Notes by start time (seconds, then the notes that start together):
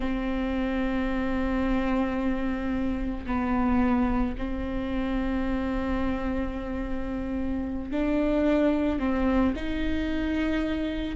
0.00 C4
3.26 B3
4.37 C4
7.91 D4
8.99 C4
9.55 D#4